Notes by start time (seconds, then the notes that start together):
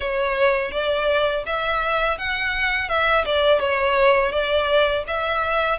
0.00 C#5
0.71 D5
1.46 E5
2.18 F#5
2.88 E5
3.25 D5
3.59 C#5
4.31 D5
5.07 E5